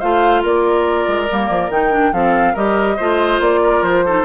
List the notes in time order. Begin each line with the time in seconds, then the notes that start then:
0.00 A3 F4 C5 F5
0.42 A#3 A#4 D5
1.07 G#3
1.29 G3 A#3
1.49 F3
1.69 D#3 D#4 G5
1.91 D4
2.12 F3 C4 A4 F5
2.53 G3 G4 A#4 D#5
2.96 A3 F4 C5
3.40 A#3 D5
3.63 A#4
3.82 F3 C5
4.05 D#4 A4